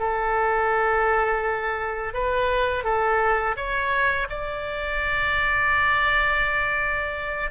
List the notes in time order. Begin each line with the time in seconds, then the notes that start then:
0.00 A4
2.14 B4
2.84 A4
3.57 C#5
4.30 D5